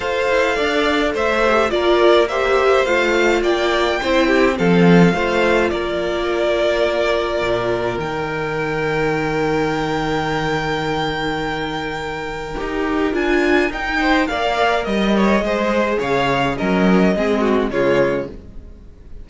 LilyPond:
<<
  \new Staff \with { instrumentName = "violin" } { \time 4/4 \tempo 4 = 105 f''2 e''4 d''4 | e''4 f''4 g''2 | f''2 d''2~ | d''2 g''2~ |
g''1~ | g''2. gis''4 | g''4 f''4 dis''2 | f''4 dis''2 cis''4 | }
  \new Staff \with { instrumentName = "violin" } { \time 4/4 c''4 d''4 c''4 ais'4 | c''2 d''4 c''8 g'8 | a'4 c''4 ais'2~ | ais'1~ |
ais'1~ | ais'1~ | ais'8 c''8 d''4 dis''8 cis''8 c''4 | cis''4 ais'4 gis'8 fis'8 f'4 | }
  \new Staff \with { instrumentName = "viola" } { \time 4/4 a'2~ a'8 g'8 f'4 | g'4 f'2 e'4 | c'4 f'2.~ | f'2 dis'2~ |
dis'1~ | dis'2 g'4 f'4 | dis'4 ais'2 gis'4~ | gis'4 cis'4 c'4 gis4 | }
  \new Staff \with { instrumentName = "cello" } { \time 4/4 f'8 e'8 d'4 a4 ais4~ | ais4 a4 ais4 c'4 | f4 a4 ais2~ | ais4 ais,4 dis2~ |
dis1~ | dis2 dis'4 d'4 | dis'4 ais4 g4 gis4 | cis4 fis4 gis4 cis4 | }
>>